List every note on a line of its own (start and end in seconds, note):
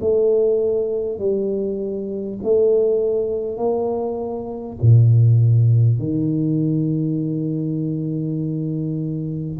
0.00 1.18 A3
1.18 2.38 G3
2.43 3.57 A3
3.57 4.77 A#3
4.81 5.98 A#2
5.98 9.58 D#3